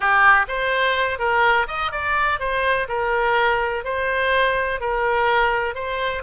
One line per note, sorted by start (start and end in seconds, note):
0.00 0.46 G4
0.48 1.18 C5
1.18 1.66 A#4
1.67 1.91 D#5
1.91 2.39 D5
2.39 2.87 C5
2.88 3.84 A#4
3.84 4.80 C5
4.80 5.74 A#4
5.74 6.22 C5